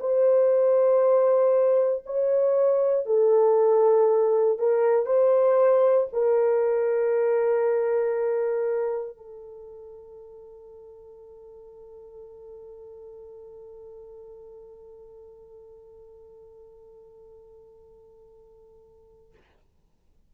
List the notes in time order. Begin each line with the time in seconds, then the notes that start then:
0.00 C5
2.06 C#5
3.06 A4
4.59 A#4
5.06 C5
6.12 A#4
9.17 A4